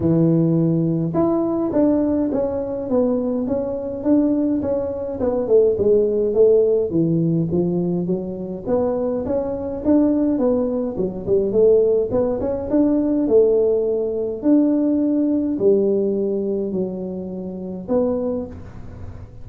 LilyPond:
\new Staff \with { instrumentName = "tuba" } { \time 4/4 \tempo 4 = 104 e2 e'4 d'4 | cis'4 b4 cis'4 d'4 | cis'4 b8 a8 gis4 a4 | e4 f4 fis4 b4 |
cis'4 d'4 b4 fis8 g8 | a4 b8 cis'8 d'4 a4~ | a4 d'2 g4~ | g4 fis2 b4 | }